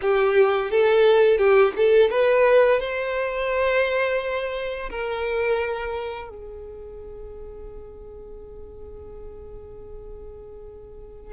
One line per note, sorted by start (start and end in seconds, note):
0.01 0.70 G4
0.70 1.38 A4
1.38 1.73 G4
1.76 2.10 A4
2.10 2.80 B4
2.80 4.89 C5
4.90 6.29 A#4
6.29 11.32 G#4